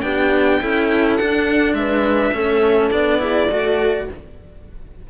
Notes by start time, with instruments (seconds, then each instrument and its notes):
0.00 cello B3 D4, horn G4, violin G5
0.60 cello C#4 E4, horn A4
1.16 cello D4, violin F#5
1.73 cello G#3, horn B4, violin E5
2.32 cello A3 C#4, horn A4
2.90 cello B3 D4, violin D5
3.18 cello E4, horn G#4
3.49 cello A3 F#4, horn A4